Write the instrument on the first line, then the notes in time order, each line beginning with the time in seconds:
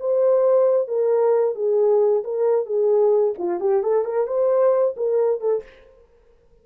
horn
0.00 C5
0.88 A#4
1.55 G#4
2.24 A#4
2.66 G#4
3.38 F4
3.60 G4
3.83 A4
4.05 A#4
4.27 C5
4.97 A#4
5.40 A4